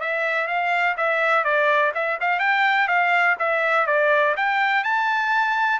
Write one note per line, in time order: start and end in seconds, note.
0.00 0.47 E5
0.47 0.96 F5
0.97 1.44 E5
1.44 1.92 D5
1.94 2.18 E5
2.20 2.39 F5
2.39 2.87 G5
2.87 3.36 F5
3.39 3.86 E5
3.86 4.35 D5
4.36 4.83 G5
4.83 5.79 A5